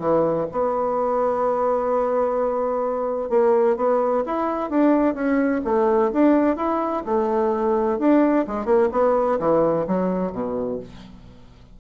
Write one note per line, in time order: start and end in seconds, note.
0.00 0.47 E3
0.52 3.30 B3
3.30 3.77 A#3
3.77 4.24 B3
4.26 4.70 E4
4.70 5.15 D4
5.15 5.62 C#4
5.65 6.12 A3
6.13 6.56 D4
6.56 7.03 E4
7.06 7.99 A3
7.99 8.46 D4
8.48 8.66 G#3
8.66 8.89 A#3
8.92 9.39 B3
9.39 9.86 E3
9.88 10.33 F#3
10.33 10.79 B2